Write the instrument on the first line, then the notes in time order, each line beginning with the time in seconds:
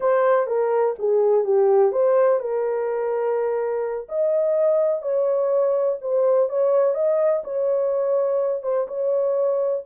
horn
0.00 C5
0.47 A#4
0.98 G#4
1.44 G4
1.92 C5
2.39 A#4
4.08 D#5
5.01 C#5
6.01 C5
6.49 C#5
6.94 D#5
7.44 C#5
8.62 C5
8.87 C#5